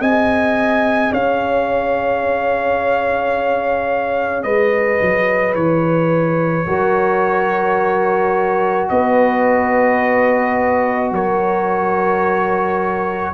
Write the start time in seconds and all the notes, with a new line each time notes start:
0.00 C4 G#4 D#5 G#5
1.12 C#4 C#5 F5
4.43 G#3 B4 D#5
5.01 F#3
5.54 E3 C#5
6.66 F#3 F#4 A#4
8.89 B3 B4 D#5
11.11 F#3 A#4 C#5